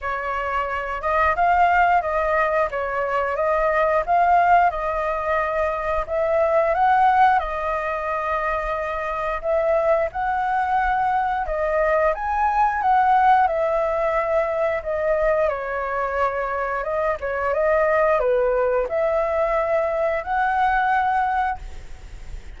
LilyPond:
\new Staff \with { instrumentName = "flute" } { \time 4/4 \tempo 4 = 89 cis''4. dis''8 f''4 dis''4 | cis''4 dis''4 f''4 dis''4~ | dis''4 e''4 fis''4 dis''4~ | dis''2 e''4 fis''4~ |
fis''4 dis''4 gis''4 fis''4 | e''2 dis''4 cis''4~ | cis''4 dis''8 cis''8 dis''4 b'4 | e''2 fis''2 | }